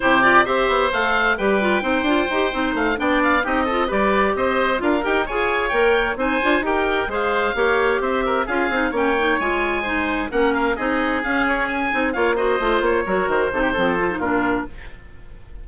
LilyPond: <<
  \new Staff \with { instrumentName = "oboe" } { \time 4/4 \tempo 4 = 131 c''8 d''8 e''4 f''4 g''4~ | g''2 f''8 g''8 f''8 dis''8~ | dis''8 d''4 dis''4 f''8 g''8 gis''8~ | gis''8 g''4 gis''4 g''4 f''8~ |
f''4. e''4 f''4 g''8~ | g''8 gis''2 fis''8 f''8 dis''8~ | dis''8 f''8 cis''8 gis''4 f''8 dis''4 | cis''4 c''2 ais'4 | }
  \new Staff \with { instrumentName = "oboe" } { \time 4/4 g'4 c''2 b'4 | c''2~ c''8 d''4 g'8 | a'8 b'4 c''4 ais'4 cis''8~ | cis''4. c''4 ais'4 c''8~ |
c''8 cis''4 c''8 ais'8 gis'4 cis''8~ | cis''4. c''4 ais'4 gis'8~ | gis'2~ gis'8 cis''8 c''4~ | c''8 ais'4 a'16 g'16 a'4 f'4 | }
  \new Staff \with { instrumentName = "clarinet" } { \time 4/4 e'8 f'8 g'4 a'4 g'8 f'8 | dis'8 f'8 g'8 dis'4 d'4 dis'8 | f'8 g'2 f'8 g'8 gis'8~ | gis'8 ais'4 dis'8 f'8 g'4 gis'8~ |
gis'8 g'2 f'8 dis'8 cis'8 | dis'8 f'4 dis'4 cis'4 dis'8~ | dis'8 cis'4. dis'8 f'8 fis'8 f'8~ | f'8 fis'4 dis'8 c'8 f'16 dis'16 d'4 | }
  \new Staff \with { instrumentName = "bassoon" } { \time 4/4 c4 c'8 b8 a4 g4 | c'8 d'8 dis'8 c'8 a8 b4 c'8~ | c'8 g4 c'4 d'8 dis'8 f'8~ | f'8 ais4 c'8 d'8 dis'4 gis8~ |
gis8 ais4 c'4 cis'8 c'8 ais8~ | ais8 gis2 ais4 c'8~ | c'8 cis'4. c'8 ais4 a8 | ais8 fis8 dis8 c8 f4 ais,4 | }
>>